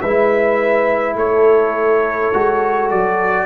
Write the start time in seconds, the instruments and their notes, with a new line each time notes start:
0.00 tuba G#3, trombone E4, horn B4, trumpet E5
1.15 tuba A3, horn A4, trumpet C#5
2.33 tuba G#3, trombone F#4
2.90 tuba F#3, trumpet D5